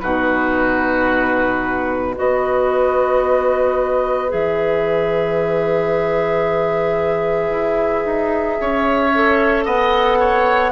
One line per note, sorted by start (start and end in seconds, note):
0.00 2.17 B2
0.00 2.15 D#4
0.00 2.12 F#4
0.00 2.14 B4
2.12 4.28 F#4
2.12 8.55 B4
2.12 4.31 D#5
2.19 4.33 B3
4.28 7.50 E3
4.28 9.10 G#4
4.28 9.66 E5
7.50 8.04 E4
8.05 8.59 D#4
8.60 9.66 C#4
8.60 9.65 C#5
9.14 10.72 A4
9.65 10.72 B3
9.65 10.18 D#5
9.65 10.72 F#5
10.20 10.72 C#5